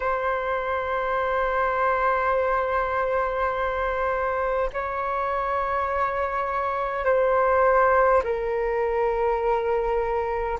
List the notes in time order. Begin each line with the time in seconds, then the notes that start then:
0.00 C5
4.73 C#5
7.04 C5
8.23 A#4